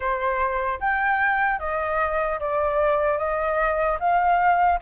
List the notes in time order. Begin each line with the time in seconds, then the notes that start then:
0.00 C5
0.80 G5
1.59 D#5
2.39 D5
3.17 D#5
3.99 F5